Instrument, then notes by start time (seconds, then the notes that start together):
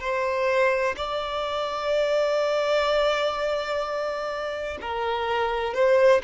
violin
0.00 C5
0.97 D5
4.81 A#4
5.74 C5